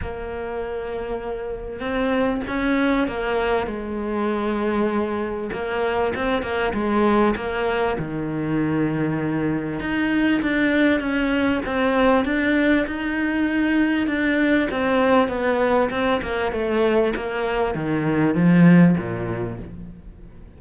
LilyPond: \new Staff \with { instrumentName = "cello" } { \time 4/4 \tempo 4 = 98 ais2. c'4 | cis'4 ais4 gis2~ | gis4 ais4 c'8 ais8 gis4 | ais4 dis2. |
dis'4 d'4 cis'4 c'4 | d'4 dis'2 d'4 | c'4 b4 c'8 ais8 a4 | ais4 dis4 f4 ais,4 | }